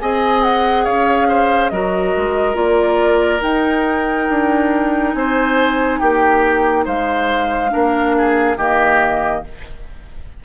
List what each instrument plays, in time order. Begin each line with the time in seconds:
0.00 bassoon C4, clarinet G#4, oboe D#5, flute G#5
0.43 flute F#5
0.84 bassoon C#4, oboe C#5, flute F5
1.28 oboe C5
1.69 bassoon F#3, clarinet F#4, oboe A#4, flute D#5
2.17 bassoon G#3
2.54 bassoon A#3, clarinet F4, flute D5
3.41 clarinet D#4, bassoon D#4, flute G5
4.29 bassoon D4
5.13 bassoon C4, oboe C5, flute G#5
5.99 bassoon A#3, oboe G4, flute G5
6.85 bassoon G#3, oboe C5, flute F5
7.69 bassoon A#3, clarinet D4, oboe A#4
8.17 oboe G#4
8.57 bassoon D#3, clarinet A#3, oboe G4, flute D#5